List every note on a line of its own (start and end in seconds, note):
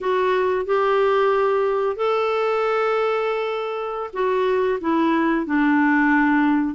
0.01 0.65 F#4
0.65 1.96 G4
1.96 4.10 A4
4.13 4.79 F#4
4.80 5.46 E4
5.46 6.75 D4